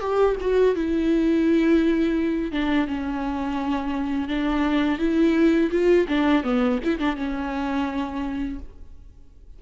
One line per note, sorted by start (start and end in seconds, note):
0.00 0.36 G4
0.41 0.75 F#4
0.75 2.52 E4
2.52 2.88 D4
2.88 4.28 C#4
4.28 4.99 D4
4.99 5.70 E4
5.71 6.06 F4
6.08 6.43 D4
6.43 6.79 B3
6.84 6.99 E4
6.99 7.16 D4
7.16 8.59 C#4